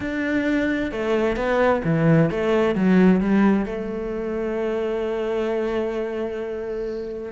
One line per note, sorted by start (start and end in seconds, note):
0.00 0.91 D4
0.91 1.36 A3
1.36 1.82 B3
1.84 2.30 E3
2.30 2.75 A3
2.75 3.20 F#3
3.20 3.65 G3
3.65 7.32 A3